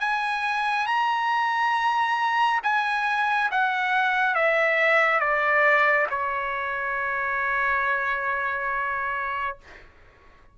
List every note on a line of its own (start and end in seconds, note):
0.00 0.87 G#5
0.87 2.60 A#5
2.63 3.50 G#5
3.51 4.35 F#5
4.35 5.20 E5
5.20 6.07 D5
6.10 9.58 C#5